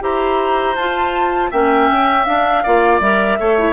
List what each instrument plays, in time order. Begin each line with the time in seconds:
0.00 bassoon E4, clarinet G4, oboe C5, flute A#5
0.75 bassoon F4, clarinet F4, flute A5
1.51 bassoon A#3, clarinet C#4, oboe E5, flute G5
1.90 bassoon C#4
2.25 bassoon D4, clarinet D4, flute F5
2.63 bassoon A#3, clarinet F4, oboe D5
3.00 bassoon G3, clarinet A#4, flute E5
3.40 bassoon A3, clarinet A4, oboe C#5
3.58 clarinet E4